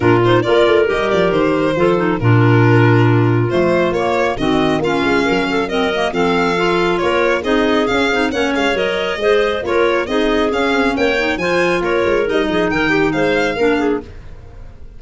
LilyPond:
<<
  \new Staff \with { instrumentName = "violin" } { \time 4/4 \tempo 4 = 137 ais'8 c''8 d''4 dis''8 d''8 c''4~ | c''4 ais'2. | c''4 cis''4 dis''4 f''4~ | f''4 dis''4 f''2 |
cis''4 dis''4 f''4 fis''8 f''8 | dis''2 cis''4 dis''4 | f''4 g''4 gis''4 cis''4 | dis''4 g''4 f''2 | }
  \new Staff \with { instrumentName = "clarinet" } { \time 4/4 f'4 ais'2. | a'4 f'2.~ | f'2 fis'4 f'4 | ais'8 a'8 ais'4 a'2 |
ais'4 gis'2 cis''4~ | cis''4 c''4 ais'4 gis'4~ | gis'4 cis''4 c''4 ais'4~ | ais'8 gis'8 ais'8 g'8 c''4 ais'8 gis'8 | }
  \new Staff \with { instrumentName = "clarinet" } { \time 4/4 d'8 dis'8 f'4 g'2 | f'8 dis'8 d'2. | a4 ais4 c'4 cis'4~ | cis'4 c'8 ais8 c'4 f'4~ |
f'4 dis'4 cis'8 dis'8 cis'4 | ais'4 gis'4 f'4 dis'4 | cis'4. dis'8 f'2 | dis'2. d'4 | }
  \new Staff \with { instrumentName = "tuba" } { \time 4/4 ais,4 ais8 a8 g8 f8 dis4 | f4 ais,2. | f4 ais4 dis4 ais8 gis8 | fis2 f2 |
ais4 c'4 cis'8 c'8 ais8 gis8 | fis4 gis4 ais4 c'4 | cis'8 c'8 ais4 f4 ais8 gis8 | g8 f8 dis4 gis4 ais4 | }
>>